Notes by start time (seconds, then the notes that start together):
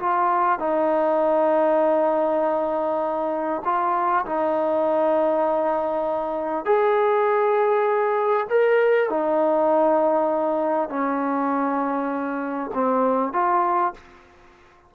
0.00 F4
0.60 D#4
3.65 F4
4.26 D#4
6.65 G#4
8.50 A#4
9.10 D#4
10.90 C#4
12.74 C4
13.33 F4